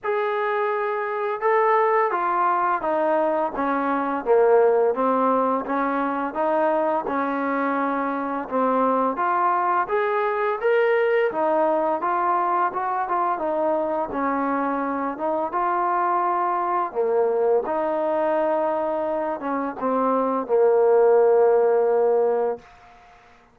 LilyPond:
\new Staff \with { instrumentName = "trombone" } { \time 4/4 \tempo 4 = 85 gis'2 a'4 f'4 | dis'4 cis'4 ais4 c'4 | cis'4 dis'4 cis'2 | c'4 f'4 gis'4 ais'4 |
dis'4 f'4 fis'8 f'8 dis'4 | cis'4. dis'8 f'2 | ais4 dis'2~ dis'8 cis'8 | c'4 ais2. | }